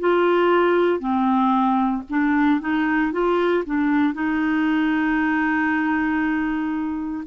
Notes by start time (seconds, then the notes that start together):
0.00 F4
0.99 C4
2.09 D4
2.61 D#4
3.12 F4
3.65 D4
4.14 D#4